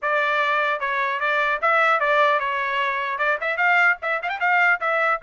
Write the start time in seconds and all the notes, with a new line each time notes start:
0.01 D5
0.79 C#5
1.20 D5
1.61 E5
1.99 D5
2.39 C#5
3.18 D5
3.41 E5
3.57 F5
4.01 E5
4.22 F5
4.29 G5
4.39 F5
4.80 E5